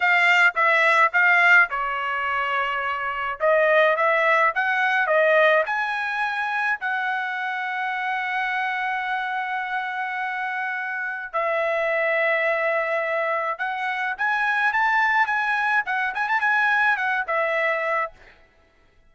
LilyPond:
\new Staff \with { instrumentName = "trumpet" } { \time 4/4 \tempo 4 = 106 f''4 e''4 f''4 cis''4~ | cis''2 dis''4 e''4 | fis''4 dis''4 gis''2 | fis''1~ |
fis''1 | e''1 | fis''4 gis''4 a''4 gis''4 | fis''8 gis''16 a''16 gis''4 fis''8 e''4. | }